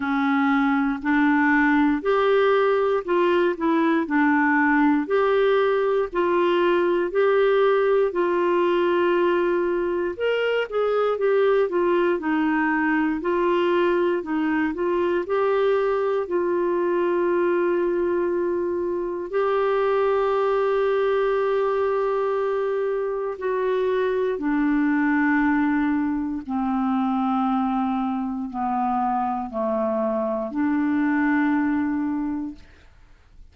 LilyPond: \new Staff \with { instrumentName = "clarinet" } { \time 4/4 \tempo 4 = 59 cis'4 d'4 g'4 f'8 e'8 | d'4 g'4 f'4 g'4 | f'2 ais'8 gis'8 g'8 f'8 | dis'4 f'4 dis'8 f'8 g'4 |
f'2. g'4~ | g'2. fis'4 | d'2 c'2 | b4 a4 d'2 | }